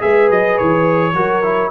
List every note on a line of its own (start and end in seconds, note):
0.00 0.31 G#3
0.00 1.13 G#4
0.00 1.15 B4
0.00 0.30 E5
0.31 0.59 F#3
0.31 0.58 D#5
0.58 1.14 E3
0.58 1.71 C#5
1.14 1.70 F#3
1.14 1.44 F#4
1.14 1.71 A#4
1.44 1.71 E4